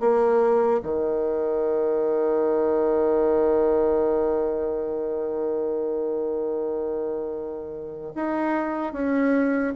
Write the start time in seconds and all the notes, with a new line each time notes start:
0.00 A#3
0.83 D#3
8.15 D#4
8.93 C#4